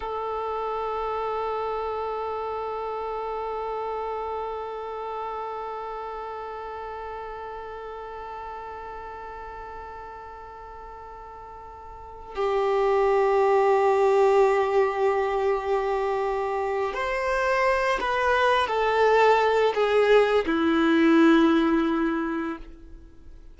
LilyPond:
\new Staff \with { instrumentName = "violin" } { \time 4/4 \tempo 4 = 85 a'1~ | a'1~ | a'1~ | a'1~ |
a'4. g'2~ g'8~ | g'1 | c''4. b'4 a'4. | gis'4 e'2. | }